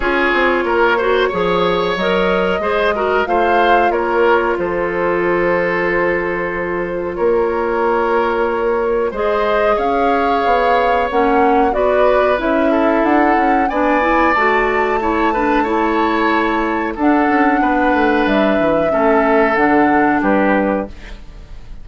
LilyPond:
<<
  \new Staff \with { instrumentName = "flute" } { \time 4/4 \tempo 4 = 92 cis''2. dis''4~ | dis''4 f''4 cis''4 c''4~ | c''2. cis''4~ | cis''2 dis''4 f''4~ |
f''4 fis''4 d''4 e''4 | fis''4 gis''4 a''2~ | a''2 fis''2 | e''2 fis''4 b'4 | }
  \new Staff \with { instrumentName = "oboe" } { \time 4/4 gis'4 ais'8 c''8 cis''2 | c''8 ais'8 c''4 ais'4 a'4~ | a'2. ais'4~ | ais'2 c''4 cis''4~ |
cis''2 b'4. a'8~ | a'4 d''2 cis''8 b'8 | cis''2 a'4 b'4~ | b'4 a'2 g'4 | }
  \new Staff \with { instrumentName = "clarinet" } { \time 4/4 f'4. fis'8 gis'4 ais'4 | gis'8 fis'8 f'2.~ | f'1~ | f'2 gis'2~ |
gis'4 cis'4 fis'4 e'4~ | e'4 d'8 e'8 fis'4 e'8 d'8 | e'2 d'2~ | d'4 cis'4 d'2 | }
  \new Staff \with { instrumentName = "bassoon" } { \time 4/4 cis'8 c'8 ais4 f4 fis4 | gis4 a4 ais4 f4~ | f2. ais4~ | ais2 gis4 cis'4 |
b4 ais4 b4 cis'4 | d'8 cis'8 b4 a2~ | a2 d'8 cis'8 b8 a8 | g8 e8 a4 d4 g4 | }
>>